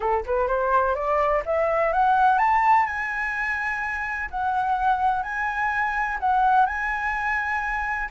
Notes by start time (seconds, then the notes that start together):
0.00 A4
0.26 B4
0.47 C5
0.95 D5
1.45 E5
1.92 F#5
2.38 A5
2.86 G#5
4.30 F#5
5.23 G#5
6.20 F#5
6.66 G#5